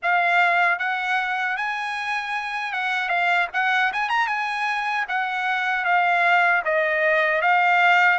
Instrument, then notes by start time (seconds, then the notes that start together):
trumpet
0.02 F5
0.78 F#5
1.57 G#5
2.73 F#5
3.08 F5
3.53 F#5
3.92 G#5
4.09 A#5
4.27 G#5
5.08 F#5
5.84 F5
6.64 D#5
7.41 F5